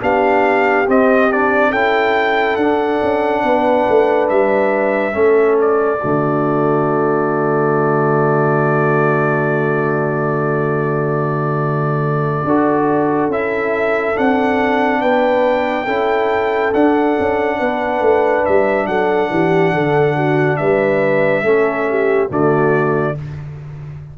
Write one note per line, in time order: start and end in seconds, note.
0.00 0.87 B3
0.00 0.86 D4
0.00 1.70 G4
0.00 0.89 F5
0.88 1.72 C4
0.88 1.31 C4
0.88 1.32 D#5
1.32 1.74 D4
1.32 1.72 D5
1.70 2.57 C#4
1.70 2.60 E4
1.70 3.42 A4
1.70 2.56 G5
2.56 3.00 D4
2.56 5.12 D4
2.56 4.27 F#5
3.02 3.43 C#4
3.43 3.86 B3
3.43 5.15 B4
3.89 4.30 A3
4.29 5.14 G3
4.29 5.58 E5
5.12 6.00 A3
5.12 5.98 C#4
5.12 5.99 A4
5.61 13.32 D5
5.99 12.44 D3
5.99 12.46 A3
5.99 12.42 F#4
12.44 13.28 D4
12.44 13.31 F#4
12.44 15.01 A4
13.28 14.14 C#4
13.28 14.15 E4
13.28 14.17 E5
14.15 15.03 C4
14.15 15.86 D4
14.15 15.01 F#5
15.01 15.86 B3
15.01 15.85 B4
15.01 16.72 G5
15.85 16.72 C#4
15.85 16.73 E4
15.85 17.57 A4
16.74 17.17 D4
16.74 21.44 D4
16.74 18.45 F#5
17.19 17.60 C#4
17.59 18.00 B3
17.59 18.87 B4
18.00 18.43 A3
18.46 18.87 G3
18.46 18.86 E5
18.86 19.29 F#3
18.86 19.31 A4
18.86 20.56 F#5
19.31 19.73 E3
19.31 19.74 G4
19.73 20.59 D3
19.73 20.15 A4
20.15 20.58 F#4
20.56 21.42 G3
20.56 21.44 B4
20.56 22.28 E5
21.42 22.28 A3
21.42 22.29 C#4
21.42 21.87 A4
21.89 22.30 G4
22.29 23.16 D3
22.29 23.15 A3
22.29 23.16 F#4
22.29 23.18 D5